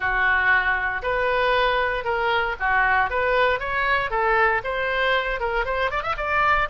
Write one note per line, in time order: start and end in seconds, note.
0.00 1.01 F#4
1.02 2.04 B4
2.04 2.55 A#4
2.59 3.10 F#4
3.10 3.59 B4
3.59 4.10 C#5
4.10 4.61 A4
4.63 5.39 C5
5.39 5.65 A#4
5.65 5.90 C5
5.90 6.03 D5
6.03 6.15 E5
6.17 6.68 D5